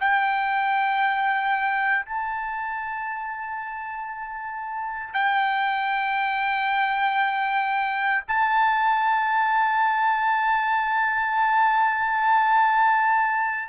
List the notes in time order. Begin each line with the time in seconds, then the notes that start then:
0.00 G5
2.06 A5
5.13 G5
8.28 A5